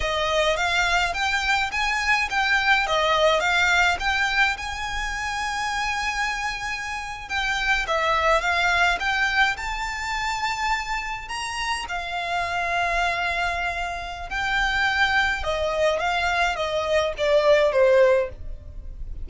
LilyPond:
\new Staff \with { instrumentName = "violin" } { \time 4/4 \tempo 4 = 105 dis''4 f''4 g''4 gis''4 | g''4 dis''4 f''4 g''4 | gis''1~ | gis''8. g''4 e''4 f''4 g''16~ |
g''8. a''2. ais''16~ | ais''8. f''2.~ f''16~ | f''4 g''2 dis''4 | f''4 dis''4 d''4 c''4 | }